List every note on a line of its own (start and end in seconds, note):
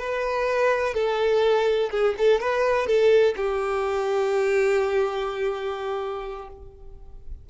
0.00 0.94 B4
0.94 1.90 A4
1.91 2.15 G#4
2.18 2.40 A4
2.40 2.87 B4
2.87 3.35 A4
3.37 6.49 G4